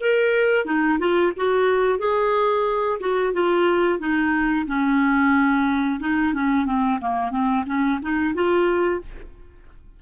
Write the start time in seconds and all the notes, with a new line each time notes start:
0.00 A#4
0.65 D#4
0.99 F4
1.36 F#4
1.98 G#4
2.99 F#4
3.33 F4
3.99 D#4
4.67 C#4
6.00 D#4
6.33 C#4
6.65 C4
7.01 A#3
7.31 C4
7.66 C#4
8.02 D#4
8.34 F4